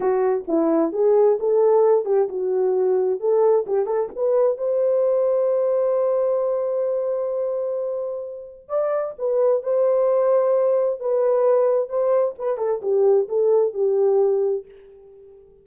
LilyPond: \new Staff \with { instrumentName = "horn" } { \time 4/4 \tempo 4 = 131 fis'4 e'4 gis'4 a'4~ | a'8 g'8 fis'2 a'4 | g'8 a'8 b'4 c''2~ | c''1~ |
c''2. d''4 | b'4 c''2. | b'2 c''4 b'8 a'8 | g'4 a'4 g'2 | }